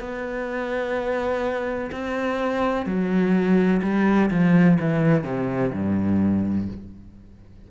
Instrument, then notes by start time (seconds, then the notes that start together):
cello
0.00 B3
1.92 C4
2.86 F#3
3.82 G3
4.30 F3
4.80 E3
5.24 C3
5.73 G2